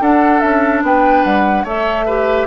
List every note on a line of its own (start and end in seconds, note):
0.00 0.41 D4
0.00 1.66 D4
0.00 0.83 A4
0.00 0.40 F#5
0.40 0.83 C#4
0.40 0.81 E5
0.83 1.24 B3
0.83 1.64 B4
0.83 1.24 G5
1.24 1.65 G3
1.24 1.65 F#5
1.64 2.47 A3
1.64 2.08 A4
1.64 2.05 C#5
1.64 2.47 E5
2.06 2.47 G4
2.06 2.47 B4